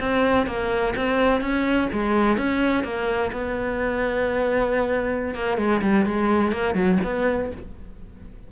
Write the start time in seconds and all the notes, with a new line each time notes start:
0.00 C4
0.47 A#3
0.97 C4
1.41 C#4
1.93 G#3
2.37 C#4
2.84 A#3
3.32 B3
5.35 A#3
5.57 G#3
5.82 G3
6.06 G#3
6.52 A#3
6.74 F#3
7.04 B3